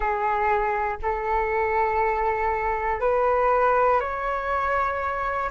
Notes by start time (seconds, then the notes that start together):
0.00 G#4
1.02 A4
3.00 B4
4.00 C#5